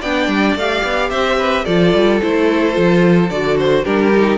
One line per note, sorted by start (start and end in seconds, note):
0.00 0.27 B3
0.00 0.59 D4
0.00 1.09 D5
0.00 0.56 G5
0.27 0.55 G3
0.55 0.82 A3
0.55 1.67 G4
0.55 1.10 F5
0.84 1.10 B3
1.09 1.64 C4
1.09 1.37 C5
1.09 1.65 E5
1.37 1.64 B4
1.64 1.93 F3
1.64 2.21 F4
1.64 3.82 A4
1.64 2.19 D5
1.93 2.21 G3
2.22 2.77 A3
2.22 2.73 E4
2.22 3.30 C5
2.73 3.30 F3
2.73 3.27 F4
3.30 3.84 D3
3.30 3.84 F#4
3.30 3.57 D5
3.59 3.85 C5
3.84 4.38 G3
3.84 4.11 D4
3.84 4.38 G4
3.84 4.38 A#4
4.15 4.38 D#4